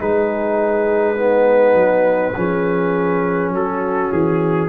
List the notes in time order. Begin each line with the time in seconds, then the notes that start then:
0.00 G#3 D#4 G#4 B4
1.16 B3 D#4
1.73 F#3
2.36 F3 C#4 G#4
3.50 F#3 F#4 A4
4.12 E3 G#4